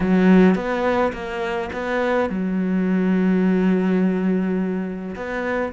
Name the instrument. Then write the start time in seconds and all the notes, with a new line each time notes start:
cello
0.00 F#3
0.55 B3
1.12 A#3
1.72 B3
2.29 F#3
5.15 B3